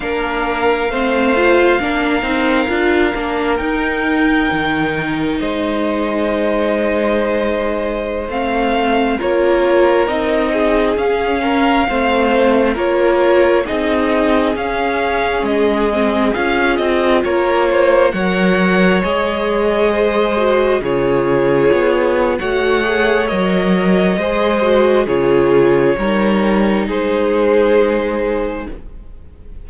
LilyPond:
<<
  \new Staff \with { instrumentName = "violin" } { \time 4/4 \tempo 4 = 67 f''1 | g''2 dis''2~ | dis''4~ dis''16 f''4 cis''4 dis''8.~ | dis''16 f''2 cis''4 dis''8.~ |
dis''16 f''4 dis''4 f''8 dis''8 cis''8.~ | cis''16 fis''4 dis''2 cis''8.~ | cis''4 fis''4 dis''2 | cis''2 c''2 | }
  \new Staff \with { instrumentName = "violin" } { \time 4/4 ais'4 c''4 ais'2~ | ais'2 c''2~ | c''2~ c''16 ais'4. gis'16~ | gis'8. ais'8 c''4 ais'4 gis'8.~ |
gis'2.~ gis'16 ais'8 c''16~ | c''16 cis''2 c''4 gis'8.~ | gis'4 cis''2 c''4 | gis'4 ais'4 gis'2 | }
  \new Staff \with { instrumentName = "viola" } { \time 4/4 d'4 c'8 f'8 d'8 dis'8 f'8 d'8 | dis'1~ | dis'4~ dis'16 c'4 f'4 dis'8.~ | dis'16 cis'4 c'4 f'4 dis'8.~ |
dis'16 cis'4. c'8 f'4.~ f'16~ | f'16 ais'4 gis'4. fis'8 f'8.~ | f'4 fis'8 gis'8 ais'4 gis'8 fis'8 | f'4 dis'2. | }
  \new Staff \with { instrumentName = "cello" } { \time 4/4 ais4 a4 ais8 c'8 d'8 ais8 | dis'4 dis4 gis2~ | gis4~ gis16 a4 ais4 c'8.~ | c'16 cis'4 a4 ais4 c'8.~ |
c'16 cis'4 gis4 cis'8 c'8 ais8.~ | ais16 fis4 gis2 cis8.~ | cis16 b8. a4 fis4 gis4 | cis4 g4 gis2 | }
>>